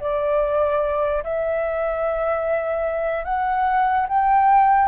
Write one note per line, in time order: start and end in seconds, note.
0.00 1.23 D5
1.23 3.24 E5
3.24 4.06 F#5
4.08 4.88 G5